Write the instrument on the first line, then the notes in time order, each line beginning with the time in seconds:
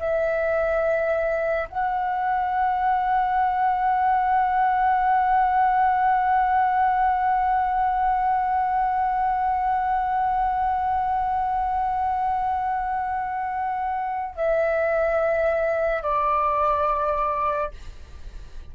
flute
0.00 E5
1.69 F#5
14.36 E5
16.03 D5